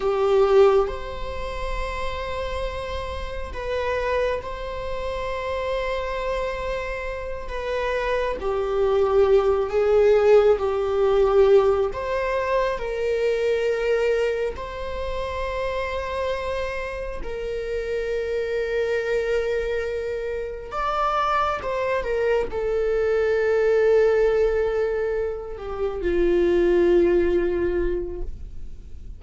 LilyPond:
\new Staff \with { instrumentName = "viola" } { \time 4/4 \tempo 4 = 68 g'4 c''2. | b'4 c''2.~ | c''8 b'4 g'4. gis'4 | g'4. c''4 ais'4.~ |
ais'8 c''2. ais'8~ | ais'2.~ ais'8 d''8~ | d''8 c''8 ais'8 a'2~ a'8~ | a'4 g'8 f'2~ f'8 | }